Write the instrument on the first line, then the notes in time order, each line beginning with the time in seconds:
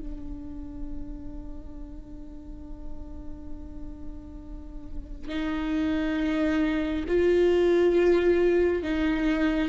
viola
0.00 D4
5.29 D#4
7.08 F4
8.83 D#4